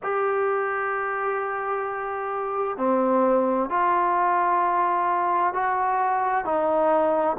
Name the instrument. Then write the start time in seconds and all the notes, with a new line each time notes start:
trombone
0.03 G4
2.77 C4
3.69 F4
5.53 F#4
6.44 D#4